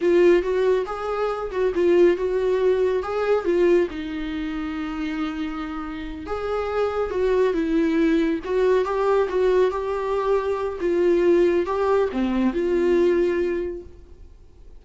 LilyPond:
\new Staff \with { instrumentName = "viola" } { \time 4/4 \tempo 4 = 139 f'4 fis'4 gis'4. fis'8 | f'4 fis'2 gis'4 | f'4 dis'2.~ | dis'2~ dis'8 gis'4.~ |
gis'8 fis'4 e'2 fis'8~ | fis'8 g'4 fis'4 g'4.~ | g'4 f'2 g'4 | c'4 f'2. | }